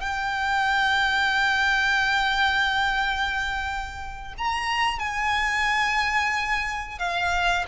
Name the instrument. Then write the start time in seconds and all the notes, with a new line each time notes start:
violin
0.00 G5
4.38 A#5
4.99 G#5
6.98 F5